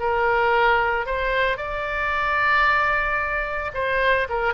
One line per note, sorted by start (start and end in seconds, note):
0.00 1.07 A#4
1.07 1.58 C5
1.58 3.72 D5
3.74 4.28 C5
4.30 4.54 A#4